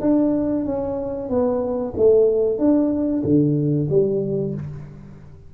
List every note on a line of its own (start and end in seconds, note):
0.00 0.65 D4
0.65 1.29 C#4
1.29 1.93 B3
1.96 2.58 A3
2.58 3.23 D4
3.23 3.88 D3
3.89 4.54 G3